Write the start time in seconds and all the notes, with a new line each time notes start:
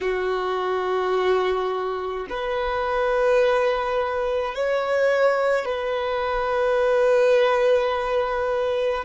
0.00 F#4
2.30 B4
4.54 C#5
5.64 B4